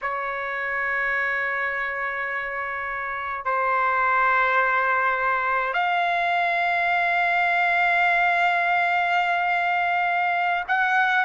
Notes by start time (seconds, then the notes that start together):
0.01 C#5
3.44 C5
5.73 F5
10.68 F#5